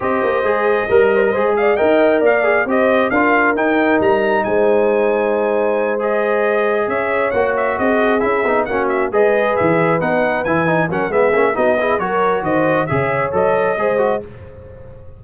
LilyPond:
<<
  \new Staff \with { instrumentName = "trumpet" } { \time 4/4 \tempo 4 = 135 dis''2.~ dis''8 f''8 | g''4 f''4 dis''4 f''4 | g''4 ais''4 gis''2~ | gis''4. dis''2 e''8~ |
e''8 fis''8 e''8 dis''4 e''4 fis''8 | e''8 dis''4 e''4 fis''4 gis''8~ | gis''8 fis''8 e''4 dis''4 cis''4 | dis''4 e''4 dis''2 | }
  \new Staff \with { instrumentName = "horn" } { \time 4/4 c''2 ais'8 c''16 ais'16 c''8 d''8 | dis''4 d''4 c''4 ais'4~ | ais'2 c''2~ | c''2.~ c''8 cis''8~ |
cis''4. gis'2 fis'8~ | fis'8 b'2.~ b'8~ | b'8 ais'8 gis'4 fis'8 gis'8 ais'4 | c''4 cis''2 c''4 | }
  \new Staff \with { instrumentName = "trombone" } { \time 4/4 g'4 gis'4 ais'4 gis'4 | ais'4. gis'8 g'4 f'4 | dis'1~ | dis'4. gis'2~ gis'8~ |
gis'8 fis'2 e'8 dis'8 cis'8~ | cis'8 gis'2 dis'4 e'8 | dis'8 cis'8 b8 cis'8 dis'8 e'8 fis'4~ | fis'4 gis'4 a'4 gis'8 fis'8 | }
  \new Staff \with { instrumentName = "tuba" } { \time 4/4 c'8 ais8 gis4 g4 gis4 | dis'4 ais4 c'4 d'4 | dis'4 g4 gis2~ | gis2.~ gis8 cis'8~ |
cis'8 ais4 c'4 cis'8 b8 ais8~ | ais8 gis4 e4 b4 e8~ | e8 fis8 gis8 ais8 b4 fis4 | dis4 cis4 fis4 gis4 | }
>>